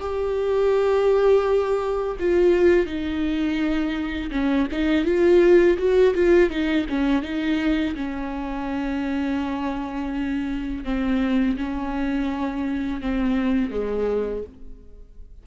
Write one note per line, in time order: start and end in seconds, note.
0.00 2.17 G4
2.19 2.86 F4
2.86 4.30 D#4
4.31 4.68 C#4
4.72 5.05 D#4
5.05 5.77 F4
5.78 6.14 F#4
6.14 6.50 F4
6.50 6.86 D#4
6.89 7.23 C#4
7.23 7.95 D#4
7.95 10.84 C#4
10.84 11.57 C4
11.57 13.01 C#4
13.01 13.71 C4
13.71 14.43 G#3